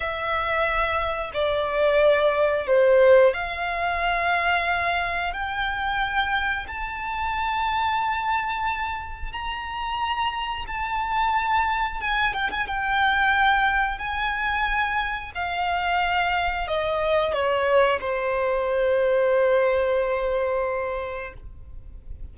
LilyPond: \new Staff \with { instrumentName = "violin" } { \time 4/4 \tempo 4 = 90 e''2 d''2 | c''4 f''2. | g''2 a''2~ | a''2 ais''2 |
a''2 gis''8 g''16 gis''16 g''4~ | g''4 gis''2 f''4~ | f''4 dis''4 cis''4 c''4~ | c''1 | }